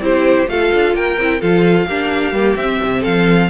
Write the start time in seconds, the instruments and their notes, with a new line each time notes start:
0.00 cello C4, viola E4, violin G4 C5
0.47 cello A3, viola F4, violin A4 F5
0.74 cello D4
0.94 cello A#3, violin A#4 G5
1.17 cello C4, viola E4
1.41 cello F3, viola F4, violin A4 F5
1.86 cello A#3, viola D4, violin G4
2.32 cello G3, viola A#3
2.56 cello C4, viola C4, violin E5
2.83 cello C3
3.01 cello F3, violin A4 F5